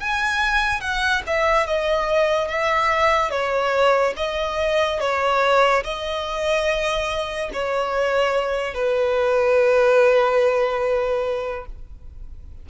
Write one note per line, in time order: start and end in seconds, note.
0.00 0.81 G#5
0.81 1.22 F#5
1.27 1.67 E5
1.67 2.48 D#5
2.48 3.31 E5
3.31 4.14 C#5
4.17 5.00 D#5
5.00 5.84 C#5
5.84 7.50 D#5
7.53 8.74 C#5
8.74 11.66 B4